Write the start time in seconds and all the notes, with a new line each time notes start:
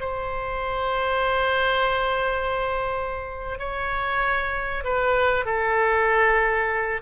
0.00 C5
3.59 C#5
4.84 B4
5.45 A4